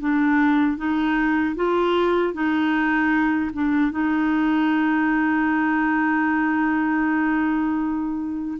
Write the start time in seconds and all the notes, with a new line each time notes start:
0.00 D4
0.77 D#4
1.55 F4
2.34 D#4
3.53 D4
3.91 D#4